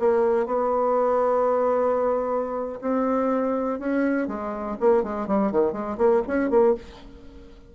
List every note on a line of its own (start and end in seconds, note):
0.00 0.46 A#3
0.46 2.80 B3
2.81 3.80 C4
3.80 4.28 C#4
4.28 4.77 G#3
4.80 5.04 A#3
5.04 5.28 G#3
5.28 5.52 G3
5.52 5.73 D#3
5.73 5.97 G#3
5.98 6.22 A#3
6.27 6.50 C#4
6.50 6.75 A#3